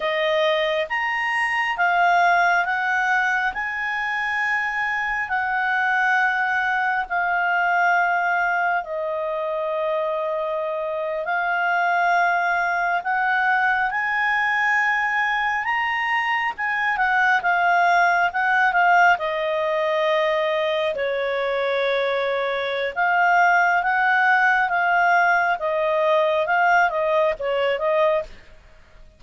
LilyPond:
\new Staff \with { instrumentName = "clarinet" } { \time 4/4 \tempo 4 = 68 dis''4 ais''4 f''4 fis''4 | gis''2 fis''2 | f''2 dis''2~ | dis''8. f''2 fis''4 gis''16~ |
gis''4.~ gis''16 ais''4 gis''8 fis''8 f''16~ | f''8. fis''8 f''8 dis''2 cis''16~ | cis''2 f''4 fis''4 | f''4 dis''4 f''8 dis''8 cis''8 dis''8 | }